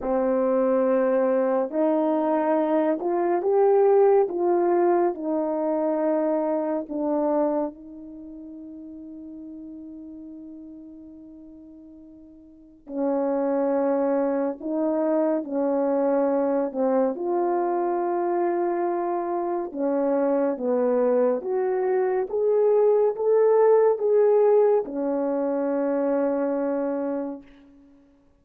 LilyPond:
\new Staff \with { instrumentName = "horn" } { \time 4/4 \tempo 4 = 70 c'2 dis'4. f'8 | g'4 f'4 dis'2 | d'4 dis'2.~ | dis'2. cis'4~ |
cis'4 dis'4 cis'4. c'8 | f'2. cis'4 | b4 fis'4 gis'4 a'4 | gis'4 cis'2. | }